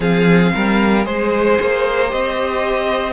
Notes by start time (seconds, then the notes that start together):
0.00 F3 C4 G#4 F5
0.54 G3 A#4
1.03 G#3 G#4 C5
1.61 A#3
2.07 C4 G4 D#5